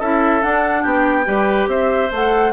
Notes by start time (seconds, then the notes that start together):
0.00 C#4 E4 A4 E5
0.42 D4 F#5
0.83 B3 G4 G5
1.25 G3 G4 B4
1.67 C4 C5 E5
2.12 A3 A4 F#5